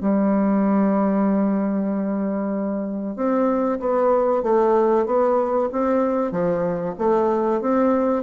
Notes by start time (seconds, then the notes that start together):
0.00 G3
3.16 C4
3.80 B3
4.43 A3
5.06 B3
5.72 C4
6.31 F3
6.98 A3
7.61 C4